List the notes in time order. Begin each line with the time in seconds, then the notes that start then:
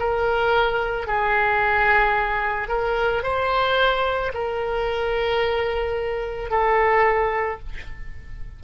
0.00 A#4
1.08 G#4
2.69 A#4
3.23 C5
4.34 A#4
6.51 A4